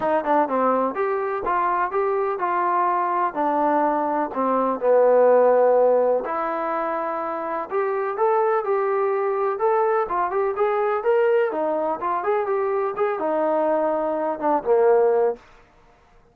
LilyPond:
\new Staff \with { instrumentName = "trombone" } { \time 4/4 \tempo 4 = 125 dis'8 d'8 c'4 g'4 f'4 | g'4 f'2 d'4~ | d'4 c'4 b2~ | b4 e'2. |
g'4 a'4 g'2 | a'4 f'8 g'8 gis'4 ais'4 | dis'4 f'8 gis'8 g'4 gis'8 dis'8~ | dis'2 d'8 ais4. | }